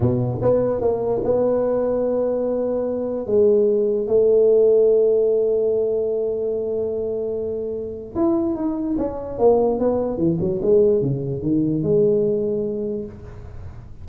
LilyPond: \new Staff \with { instrumentName = "tuba" } { \time 4/4 \tempo 4 = 147 b,4 b4 ais4 b4~ | b1 | gis2 a2~ | a1~ |
a1 | e'4 dis'4 cis'4 ais4 | b4 e8 fis8 gis4 cis4 | dis4 gis2. | }